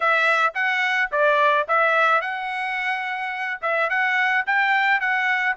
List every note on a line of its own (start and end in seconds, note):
0.00 0.53 E5
0.54 1.10 F#5
1.11 1.67 D5
1.67 2.21 E5
2.21 3.60 F#5
3.61 3.89 E5
3.89 4.44 F#5
4.46 5.00 G5
5.00 5.56 F#5